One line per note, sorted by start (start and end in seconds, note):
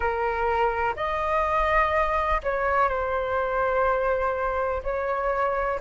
0.00 0.94 A#4
0.96 2.41 D#5
2.43 2.89 C#5
2.89 4.82 C5
4.83 5.79 C#5